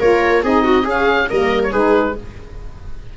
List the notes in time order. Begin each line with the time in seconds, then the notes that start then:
0.00 A#3 F4 A#4 C#5
0.43 C4 D#4 G#4 D#5
0.64 F#4
0.83 C#4 G#4
0.90 F5
1.30 G3 A#3 A#4 D#5
1.64 C#5
1.71 G#3 D#4 G#4 B4